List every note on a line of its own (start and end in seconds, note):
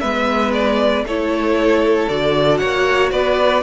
0.00 1.04 G#3
0.00 1.06 B3
0.00 1.05 B4
0.00 0.52 E5
0.53 1.05 D5
1.04 2.07 A3
1.04 2.10 E4
1.04 2.60 A4
1.04 2.09 C#5
2.09 2.61 D3
2.09 3.63 F#4
2.09 2.58 D5
2.58 3.12 A#3
2.58 3.12 C#5
2.58 3.09 F#5
3.12 3.63 B3
3.12 3.63 B4
3.12 3.63 D5